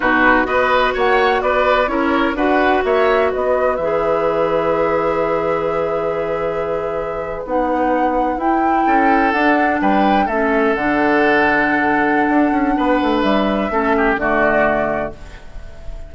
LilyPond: <<
  \new Staff \with { instrumentName = "flute" } { \time 4/4 \tempo 4 = 127 b'4 dis''4 fis''4 d''4 | cis''4 fis''4 e''4 dis''4 | e''1~ | e''2.~ e''8. fis''16~ |
fis''4.~ fis''16 g''2 fis''16~ | fis''8. g''4 e''4 fis''4~ fis''16~ | fis''1 | e''2 d''2 | }
  \new Staff \with { instrumentName = "oboe" } { \time 4/4 fis'4 b'4 cis''4 b'4 | ais'4 b'4 cis''4 b'4~ | b'1~ | b'1~ |
b'2~ b'8. a'4~ a'16~ | a'8. b'4 a'2~ a'16~ | a'2. b'4~ | b'4 a'8 g'8 fis'2 | }
  \new Staff \with { instrumentName = "clarinet" } { \time 4/4 dis'4 fis'2. | e'4 fis'2. | gis'1~ | gis'2.~ gis'8. dis'16~ |
dis'4.~ dis'16 e'2 d'16~ | d'4.~ d'16 cis'4 d'4~ d'16~ | d'1~ | d'4 cis'4 a2 | }
  \new Staff \with { instrumentName = "bassoon" } { \time 4/4 b,4 b4 ais4 b4 | cis'4 d'4 ais4 b4 | e1~ | e2.~ e8. b16~ |
b4.~ b16 e'4 cis'4 d'16~ | d'8. g4 a4 d4~ d16~ | d2 d'8 cis'8 b8 a8 | g4 a4 d2 | }
>>